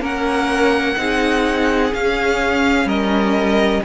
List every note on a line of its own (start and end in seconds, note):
0.00 0.96 A#3
0.00 0.95 C#4
0.00 0.96 A#4
0.00 1.94 F#5
0.96 1.92 C4
0.96 1.91 D#4
0.96 2.87 G#4
1.94 2.85 C#4
1.94 3.85 C#4
1.94 2.88 F5
2.85 3.80 G3
2.85 3.82 A#4
2.85 3.84 D#5